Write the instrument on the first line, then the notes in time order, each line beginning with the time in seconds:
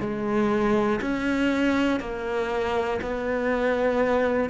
cello
0.00 G#3
1.01 C#4
2.00 A#3
3.01 B3